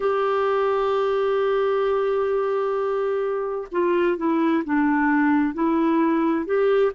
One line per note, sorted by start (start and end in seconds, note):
0.00 3.68 G4
3.71 4.17 F4
4.17 4.63 E4
4.64 5.54 D4
5.54 6.45 E4
6.45 6.91 G4